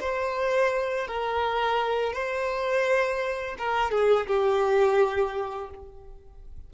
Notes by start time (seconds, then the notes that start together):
0.00 C5
1.07 A#4
2.13 C5
3.58 A#4
3.91 G#4
4.27 G4